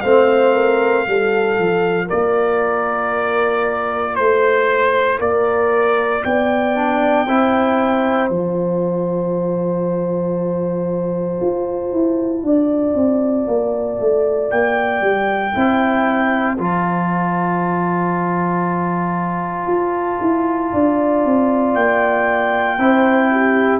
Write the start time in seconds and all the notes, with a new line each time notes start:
0.00 A3 C4 C5 F5
0.53 A#4
1.06 G3 F4 A4
1.58 F3
2.06 A#3 A#4 D5
4.15 A3 C5
5.19 A#3 A#4 D5
6.23 B3 D5 G5
6.75 D4
7.26 C4 E4 C5
8.29 F3 F4 A5
11.41 F4
11.92 E4
12.43 D4 D5
12.94 C4
13.47 A#3
13.99 A3
14.50 A#3 G5
15.01 G3
15.54 C4 E4 C5
16.57 F3 F4 A5
19.66 F4
20.21 E4
20.72 D4 D5
21.25 C4
21.74 A#3 G5
22.78 C4 E4 C5
23.31 G4